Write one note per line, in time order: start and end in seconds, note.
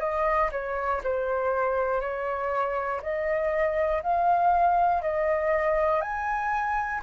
0.00 0.50 D#5
0.52 1.02 C#5
1.04 2.01 C5
2.01 3.01 C#5
3.03 4.03 D#5
4.03 5.02 F5
5.02 6.02 D#5
6.02 7.02 G#5